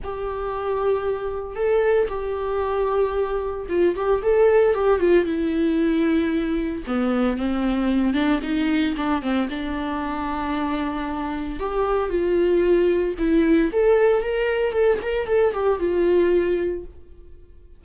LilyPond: \new Staff \with { instrumentName = "viola" } { \time 4/4 \tempo 4 = 114 g'2. a'4 | g'2. f'8 g'8 | a'4 g'8 f'8 e'2~ | e'4 b4 c'4. d'8 |
dis'4 d'8 c'8 d'2~ | d'2 g'4 f'4~ | f'4 e'4 a'4 ais'4 | a'8 ais'8 a'8 g'8 f'2 | }